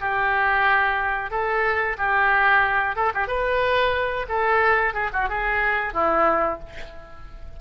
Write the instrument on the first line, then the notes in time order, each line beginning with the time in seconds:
oboe
0.00 G4
1.31 A4
1.98 G4
2.96 A4
3.14 G4
3.28 B4
4.29 A4
4.94 G#4
5.13 F#4
5.29 G#4
5.93 E4